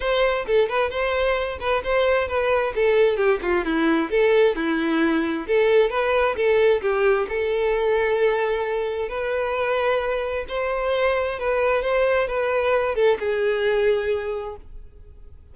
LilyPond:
\new Staff \with { instrumentName = "violin" } { \time 4/4 \tempo 4 = 132 c''4 a'8 b'8 c''4. b'8 | c''4 b'4 a'4 g'8 f'8 | e'4 a'4 e'2 | a'4 b'4 a'4 g'4 |
a'1 | b'2. c''4~ | c''4 b'4 c''4 b'4~ | b'8 a'8 gis'2. | }